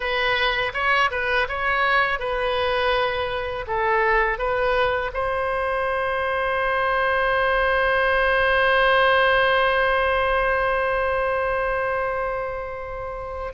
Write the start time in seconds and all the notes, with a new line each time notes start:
0.00 B4
0.73 C#5
1.10 B4
1.48 C#5
2.19 B4
3.67 A4
4.38 B4
5.13 C5